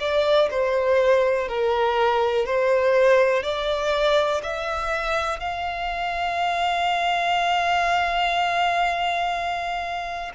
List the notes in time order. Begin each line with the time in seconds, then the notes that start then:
0.00 D5
0.51 C5
1.48 A#4
2.46 C5
3.43 D5
4.43 E5
5.40 F5